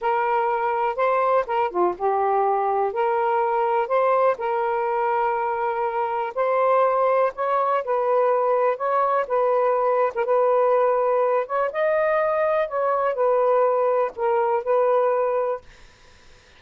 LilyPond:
\new Staff \with { instrumentName = "saxophone" } { \time 4/4 \tempo 4 = 123 ais'2 c''4 ais'8 f'8 | g'2 ais'2 | c''4 ais'2.~ | ais'4 c''2 cis''4 |
b'2 cis''4 b'4~ | b'8. ais'16 b'2~ b'8 cis''8 | dis''2 cis''4 b'4~ | b'4 ais'4 b'2 | }